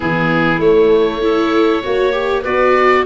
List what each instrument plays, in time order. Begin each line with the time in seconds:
0.00 tuba E3, viola B3, clarinet E4, oboe G#4
0.59 tuba A3, viola A3, oboe C#5
1.21 viola E4, clarinet A4
1.83 tuba A#3, viola F#4, clarinet C#5
2.12 viola G4
2.42 tuba B3, viola F#4, clarinet B4, oboe D5